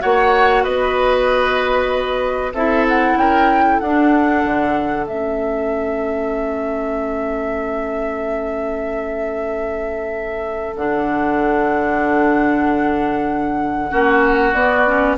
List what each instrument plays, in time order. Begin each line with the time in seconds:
0.00 bassoon A#3, clarinet F#4, oboe C#5, flute F#5
0.63 bassoon B3, oboe B4, flute D#5
2.53 bassoon C4, clarinet E4, oboe A4, flute E5
2.88 flute F#5
3.16 bassoon C#4, oboe A#4, flute G5
3.65 oboe A4
3.79 bassoon D4, clarinet D4, flute F#5
4.44 bassoon D3
5.06 bassoon A3, clarinet C#4, flute E5
10.76 bassoon D3, clarinet D4, flute F#5
13.90 bassoon A#3, clarinet C#4, oboe F#4
14.53 bassoon B3, clarinet B3, flute D5
14.87 clarinet C#4